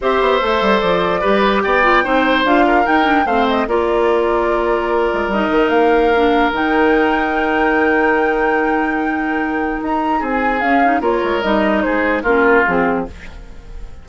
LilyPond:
<<
  \new Staff \with { instrumentName = "flute" } { \time 4/4 \tempo 4 = 147 e''2 d''2 | g''2 f''4 g''4 | f''8 dis''8 d''2.~ | d''4 dis''4 f''2 |
g''1~ | g''1 | ais''4 gis''4 f''4 cis''4 | dis''4 c''4 ais'4 gis'4 | }
  \new Staff \with { instrumentName = "oboe" } { \time 4/4 c''2. b'4 | d''4 c''4. ais'4. | c''4 ais'2.~ | ais'1~ |
ais'1~ | ais'1~ | ais'4 gis'2 ais'4~ | ais'4 gis'4 f'2 | }
  \new Staff \with { instrumentName = "clarinet" } { \time 4/4 g'4 a'2 g'4~ | g'8 f'8 dis'4 f'4 dis'8 d'8 | c'4 f'2.~ | f'4 dis'2 d'4 |
dis'1~ | dis'1~ | dis'2 cis'8 dis'8 f'4 | dis'2 cis'4 c'4 | }
  \new Staff \with { instrumentName = "bassoon" } { \time 4/4 c'8 b8 a8 g8 f4 g4 | b4 c'4 d'4 dis'4 | a4 ais2.~ | ais8 gis8 g8 dis8 ais2 |
dis1~ | dis1 | dis'4 c'4 cis'4 ais8 gis8 | g4 gis4 ais4 f4 | }
>>